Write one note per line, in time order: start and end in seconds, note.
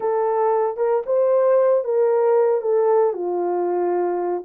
0.00 0.76 A4
0.76 1.02 A#4
1.06 1.84 C5
1.84 2.61 A#4
2.61 3.13 A4
3.13 4.43 F4